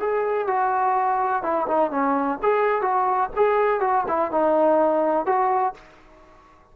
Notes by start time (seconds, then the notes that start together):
0.00 G#4
0.48 F#4
1.43 E4
1.68 D#4
1.91 C#4
2.43 G#4
2.82 F#4
3.37 G#4
3.81 F#4
4.08 E4
4.32 D#4
5.26 F#4